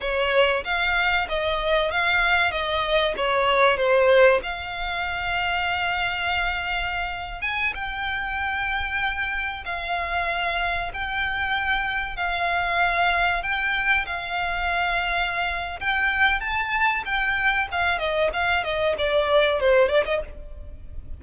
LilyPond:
\new Staff \with { instrumentName = "violin" } { \time 4/4 \tempo 4 = 95 cis''4 f''4 dis''4 f''4 | dis''4 cis''4 c''4 f''4~ | f''2.~ f''8. gis''16~ | gis''16 g''2. f''8.~ |
f''4~ f''16 g''2 f''8.~ | f''4~ f''16 g''4 f''4.~ f''16~ | f''4 g''4 a''4 g''4 | f''8 dis''8 f''8 dis''8 d''4 c''8 d''16 dis''16 | }